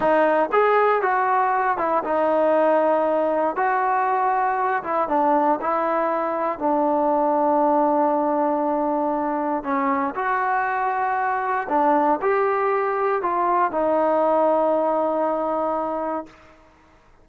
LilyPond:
\new Staff \with { instrumentName = "trombone" } { \time 4/4 \tempo 4 = 118 dis'4 gis'4 fis'4. e'8 | dis'2. fis'4~ | fis'4. e'8 d'4 e'4~ | e'4 d'2.~ |
d'2. cis'4 | fis'2. d'4 | g'2 f'4 dis'4~ | dis'1 | }